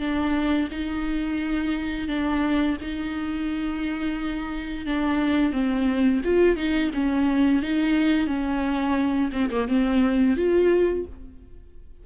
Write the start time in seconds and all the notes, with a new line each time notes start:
0.00 D4
0.71 D#4
2.08 D4
2.82 D#4
4.86 D4
5.53 C4
6.25 F4
6.57 D#4
6.94 C#4
7.63 D#4
8.27 C#4
9.33 C4
9.51 A#3
9.68 C4
10.37 F4